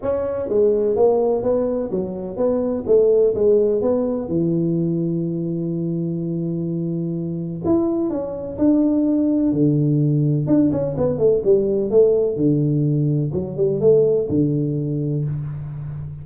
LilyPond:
\new Staff \with { instrumentName = "tuba" } { \time 4/4 \tempo 4 = 126 cis'4 gis4 ais4 b4 | fis4 b4 a4 gis4 | b4 e2.~ | e1 |
e'4 cis'4 d'2 | d2 d'8 cis'8 b8 a8 | g4 a4 d2 | fis8 g8 a4 d2 | }